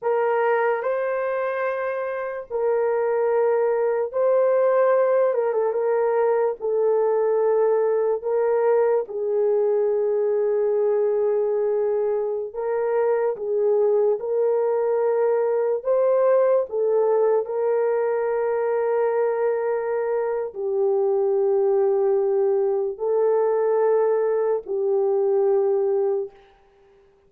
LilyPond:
\new Staff \with { instrumentName = "horn" } { \time 4/4 \tempo 4 = 73 ais'4 c''2 ais'4~ | ais'4 c''4. ais'16 a'16 ais'4 | a'2 ais'4 gis'4~ | gis'2.~ gis'16 ais'8.~ |
ais'16 gis'4 ais'2 c''8.~ | c''16 a'4 ais'2~ ais'8.~ | ais'4 g'2. | a'2 g'2 | }